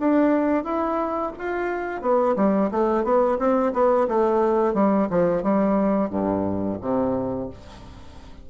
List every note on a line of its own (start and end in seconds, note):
0.00 0.64 D4
0.64 1.33 E4
1.39 2.02 F4
2.02 2.36 B3
2.36 2.71 G3
2.71 3.04 A3
3.04 3.38 B3
3.39 3.73 C4
3.73 4.08 B3
4.08 4.74 A3
4.74 5.08 G3
5.10 5.43 F3
5.43 6.10 G3
6.10 6.78 G2
6.82 7.50 C3